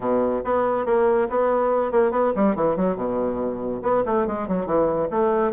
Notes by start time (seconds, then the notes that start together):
0.00 B2
0.44 B3
0.85 A#3
1.29 B3
1.91 A#3
2.11 B3
2.35 G3
2.55 E3
2.76 F#3
2.96 B2
3.82 B3
4.05 A3
4.26 G#3
4.48 F#3
4.66 E3
5.10 A3